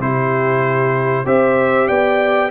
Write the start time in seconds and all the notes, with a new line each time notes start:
0.00 C3 E4 G4 C5
1.26 C4 G4 C5 E5
1.88 B3 D5 G5